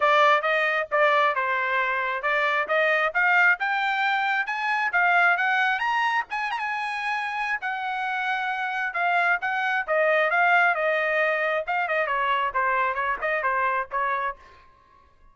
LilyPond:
\new Staff \with { instrumentName = "trumpet" } { \time 4/4 \tempo 4 = 134 d''4 dis''4 d''4 c''4~ | c''4 d''4 dis''4 f''4 | g''2 gis''4 f''4 | fis''4 ais''4 gis''8 ais''16 gis''4~ gis''16~ |
gis''4 fis''2. | f''4 fis''4 dis''4 f''4 | dis''2 f''8 dis''8 cis''4 | c''4 cis''8 dis''8 c''4 cis''4 | }